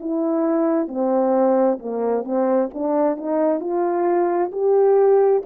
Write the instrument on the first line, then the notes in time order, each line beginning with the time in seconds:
horn
0.00 E4
0.88 C4
1.79 A#3
2.24 C4
2.74 D4
3.17 D#4
3.60 F4
4.52 G4